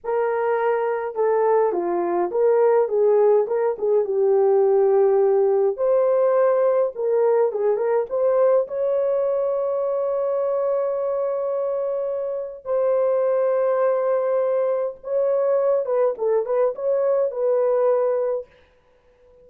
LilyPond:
\new Staff \with { instrumentName = "horn" } { \time 4/4 \tempo 4 = 104 ais'2 a'4 f'4 | ais'4 gis'4 ais'8 gis'8 g'4~ | g'2 c''2 | ais'4 gis'8 ais'8 c''4 cis''4~ |
cis''1~ | cis''2 c''2~ | c''2 cis''4. b'8 | a'8 b'8 cis''4 b'2 | }